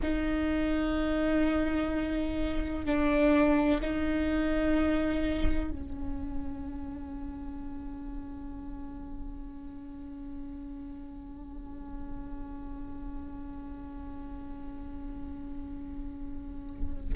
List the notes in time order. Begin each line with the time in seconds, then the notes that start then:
0.02 D#4
2.85 D4
3.81 D#4
5.70 C#4